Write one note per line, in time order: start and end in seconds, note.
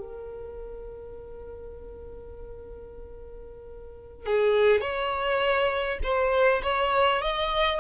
0.00 4.26 A#4
4.26 4.81 G#4
4.81 5.98 C#5
6.03 6.62 C5
6.63 7.22 C#5
7.22 7.80 D#5